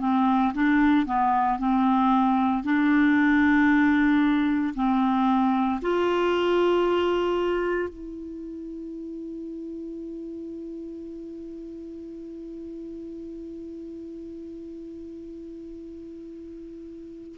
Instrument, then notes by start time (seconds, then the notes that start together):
clarinet
0.00 C4
0.54 D4
1.06 B3
1.58 C4
2.64 D4
4.75 C4
5.82 F4
7.89 E4